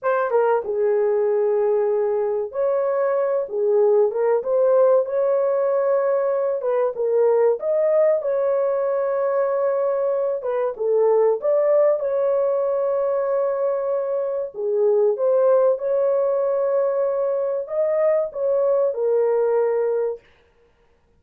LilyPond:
\new Staff \with { instrumentName = "horn" } { \time 4/4 \tempo 4 = 95 c''8 ais'8 gis'2. | cis''4. gis'4 ais'8 c''4 | cis''2~ cis''8 b'8 ais'4 | dis''4 cis''2.~ |
cis''8 b'8 a'4 d''4 cis''4~ | cis''2. gis'4 | c''4 cis''2. | dis''4 cis''4 ais'2 | }